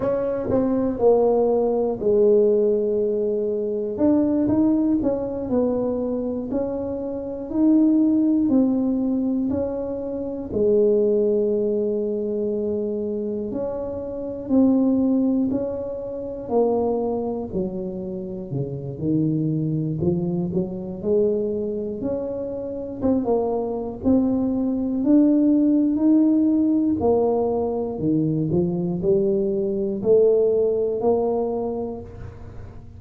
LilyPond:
\new Staff \with { instrumentName = "tuba" } { \time 4/4 \tempo 4 = 60 cis'8 c'8 ais4 gis2 | d'8 dis'8 cis'8 b4 cis'4 dis'8~ | dis'8 c'4 cis'4 gis4.~ | gis4. cis'4 c'4 cis'8~ |
cis'8 ais4 fis4 cis8 dis4 | f8 fis8 gis4 cis'4 c'16 ais8. | c'4 d'4 dis'4 ais4 | dis8 f8 g4 a4 ais4 | }